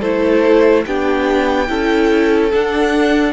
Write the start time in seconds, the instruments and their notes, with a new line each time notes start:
0.00 cello A3, viola E4, violin A4 C5
0.86 cello B3, viola D4, violin G4 G5
1.67 cello C#4, viola E4, violin A4
2.53 viola D4, cello D4, violin F#5